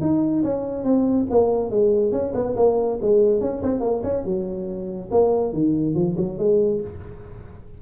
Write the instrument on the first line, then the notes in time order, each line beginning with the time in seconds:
tuba
0.00 D#4
0.43 C#4
0.84 C4
1.30 A#3
1.70 G#3
2.11 C#4
2.34 B3
2.56 A#3
3.01 G#3
3.40 C#4
3.62 C4
3.80 A#3
4.03 C#4
4.24 F#3
5.10 A#3
5.52 D#3
5.94 F3
6.16 F#3
6.38 G#3